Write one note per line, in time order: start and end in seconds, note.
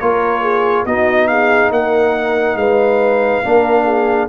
0.00 0.86 A#3
0.00 0.87 F4
0.00 0.42 A#4
0.00 0.86 C#5
0.42 0.85 G#4
0.86 1.71 B3
0.86 3.44 D#4
0.86 1.29 F#4
0.86 1.28 D#5
1.28 1.73 G#4
1.28 1.71 F5
1.71 2.56 A#3
1.71 2.59 A#4
1.71 2.57 F#5
2.56 3.42 G#3
2.56 3.44 B4
2.56 4.29 F5
3.44 4.29 A#3
3.44 4.29 D4
3.44 3.84 A#4
3.84 4.27 G#4